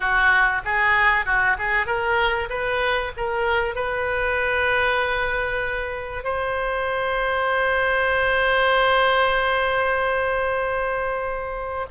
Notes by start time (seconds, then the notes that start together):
0.00 F#4
0.64 G#4
1.25 F#4
1.58 G#4
1.86 A#4
2.49 B4
3.16 A#4
3.75 B4
6.24 C5